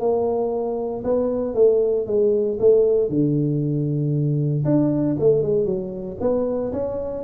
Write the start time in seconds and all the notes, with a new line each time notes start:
0.00 A#3
1.04 B3
1.55 A3
2.06 G#3
2.60 A3
3.09 D3
4.65 D4
5.20 A3
5.42 G#3
5.65 F#3
6.20 B3
6.72 C#4